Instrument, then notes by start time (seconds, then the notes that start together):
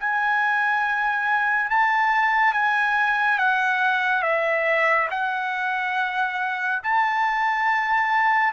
trumpet
0.00 G#5
1.70 A5
2.54 G#5
3.39 F#5
4.23 E5
5.11 F#5
6.84 A5